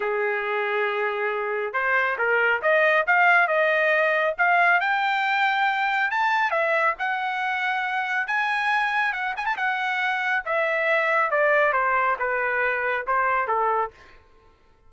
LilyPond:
\new Staff \with { instrumentName = "trumpet" } { \time 4/4 \tempo 4 = 138 gis'1 | c''4 ais'4 dis''4 f''4 | dis''2 f''4 g''4~ | g''2 a''4 e''4 |
fis''2. gis''4~ | gis''4 fis''8 gis''16 a''16 fis''2 | e''2 d''4 c''4 | b'2 c''4 a'4 | }